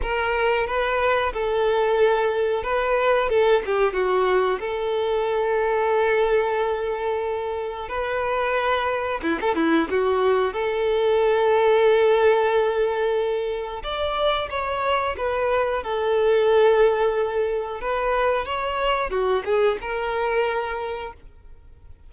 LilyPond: \new Staff \with { instrumentName = "violin" } { \time 4/4 \tempo 4 = 91 ais'4 b'4 a'2 | b'4 a'8 g'8 fis'4 a'4~ | a'1 | b'2 e'16 a'16 e'8 fis'4 |
a'1~ | a'4 d''4 cis''4 b'4 | a'2. b'4 | cis''4 fis'8 gis'8 ais'2 | }